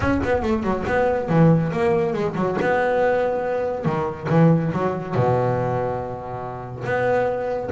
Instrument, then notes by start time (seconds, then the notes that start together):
double bass
0.00 C#4
0.24 B3
0.42 A3
0.63 F#3
0.87 B3
1.28 E3
1.71 A#3
2.13 G#3
2.35 F#3
2.61 B3
3.85 D#3
4.29 E3
4.72 F#3
5.14 B2
6.84 B3